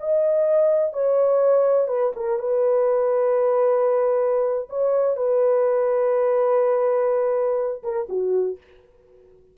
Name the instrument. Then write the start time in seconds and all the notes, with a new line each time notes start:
horn
0.00 D#5
0.93 C#5
1.88 B4
2.16 A#4
2.39 B4
4.69 C#5
5.16 B4
7.83 A#4
8.09 F#4